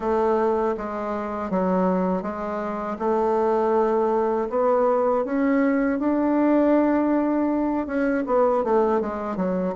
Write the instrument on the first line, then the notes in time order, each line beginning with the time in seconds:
bassoon
0.00 A3
0.77 G#3
1.50 F#3
2.22 G#3
2.99 A3
4.49 B3
5.25 C#4
5.99 D4
7.86 C#4
8.26 B3
8.64 A3
9.00 G#3
9.36 F#3